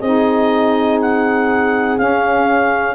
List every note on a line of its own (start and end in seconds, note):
0.00 1.98 C4
0.00 1.98 D#4
0.00 2.95 G#4
0.00 0.99 D#5
1.01 1.98 F#5
1.98 2.95 C#4
1.98 2.95 F5